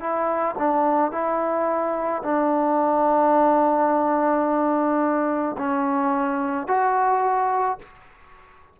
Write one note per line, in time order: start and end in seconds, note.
0.00 0.56 E4
0.58 1.12 D4
1.12 2.23 E4
2.23 5.56 D4
5.58 6.67 C#4
6.67 7.78 F#4